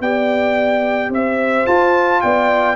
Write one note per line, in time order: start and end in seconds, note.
0.00 1.09 B3
0.00 1.67 G4
0.00 1.12 D5
0.00 1.11 G5
1.09 1.64 C4
1.09 2.23 C5
1.09 1.66 E5
1.66 2.22 F4
1.66 2.76 F4
1.66 2.21 A5
2.21 2.76 B3
2.21 2.76 D5
2.21 2.76 G5